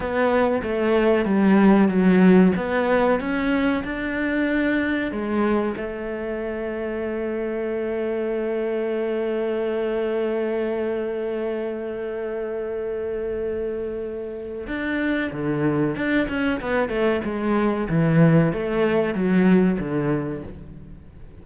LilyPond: \new Staff \with { instrumentName = "cello" } { \time 4/4 \tempo 4 = 94 b4 a4 g4 fis4 | b4 cis'4 d'2 | gis4 a2.~ | a1~ |
a1~ | a2. d'4 | d4 d'8 cis'8 b8 a8 gis4 | e4 a4 fis4 d4 | }